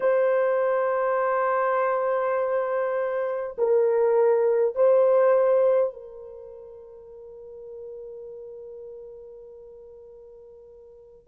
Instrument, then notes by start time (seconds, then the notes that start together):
horn
0.00 C5
3.58 A#4
4.75 C5
5.93 A#4